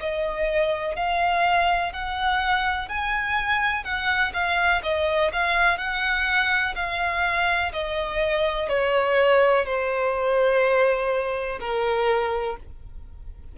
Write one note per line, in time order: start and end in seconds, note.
0.00 0.95 D#5
0.95 1.92 F5
1.92 2.88 F#5
2.88 3.84 G#5
3.84 4.32 F#5
4.33 4.82 F5
4.83 5.31 D#5
5.32 5.78 F5
5.78 6.74 F#5
6.75 7.72 F5
7.72 8.69 D#5
8.69 9.65 C#5
9.65 11.59 C5
11.60 12.56 A#4